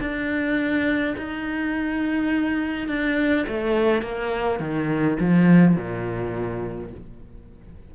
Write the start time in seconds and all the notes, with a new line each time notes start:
0.00 D4
1.18 D#4
2.88 D4
3.48 A3
4.02 A#3
4.60 D#3
5.19 F3
5.76 A#2